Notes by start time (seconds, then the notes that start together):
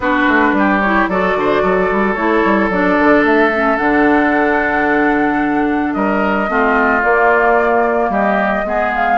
0.00 B3 D4 F#4 B4
0.27 A3
0.52 G3 G4
0.80 E4 C#5
1.07 F#3 F#4 A4 D5
1.35 D3 C5
1.62 F#3 A4
1.91 G3
2.14 A3 E4 C#5
2.44 G3
2.69 F#3 D4 D5
2.99 D3
3.23 A3 E5
3.53 C#4
3.77 D3 D4 F#5
5.93 G3 A#4 D#5
6.48 A3 C4 F4
7.02 A#3 D5
8.09 G3 G4 D#5
8.64 G#3 B3 G#4
8.95 F5